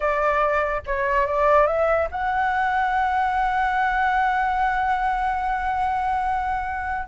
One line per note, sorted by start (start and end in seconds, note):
0.00 0.81 D5
0.86 1.26 C#5
1.26 1.66 D5
1.66 2.08 E5
2.11 7.07 F#5